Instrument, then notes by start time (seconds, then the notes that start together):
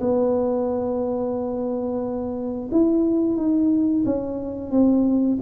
tuba
0.00 B3
2.71 E4
3.37 D#4
4.05 C#4
4.71 C4